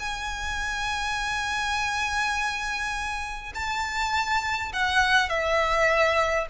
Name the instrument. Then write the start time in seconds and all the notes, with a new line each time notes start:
violin
0.00 G#5
3.55 A5
4.73 F#5
5.29 E5